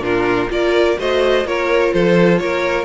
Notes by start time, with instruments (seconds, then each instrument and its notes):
0.00 cello A#2, viola D4, violin F4 A#4
0.49 cello A#3, viola F4, violin A#4 D5
0.98 cello A3, viola F#4, violin C5 D#5
1.44 cello A#3, viola F4, violin A#4 C#5
1.93 cello F3, violin A4 C5
2.38 cello A#3, violin A#4 C#5